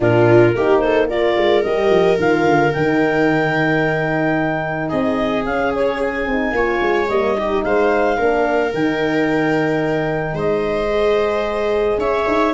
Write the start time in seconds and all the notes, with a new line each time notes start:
0.00 A#2 D4 F4 A#4
0.55 A#3 D#4 G4
0.79 A4 C5
1.09 F4 A#4 D5
1.36 G#3
1.63 G3 G4 D#5
1.89 F3
2.17 D#3 F4 F5
2.45 D3
2.73 D#3 D#4 G5
4.88 C4 G#4 D#5
5.45 C#4 F5
5.75 C#5
6.01 G#5
6.26 C4 D#4
6.52 A#3 F4 C#5
6.81 G#3
7.08 G3 A#3 D#5
7.35 D#4 G4
7.63 G#3 C5 F5
8.17 A#3 D4 A#4
8.73 D#3 D#4 G5
10.33 G#3 C5 D#5
10.89 G#4
11.97 C#4 C#5 E5
12.27 D#4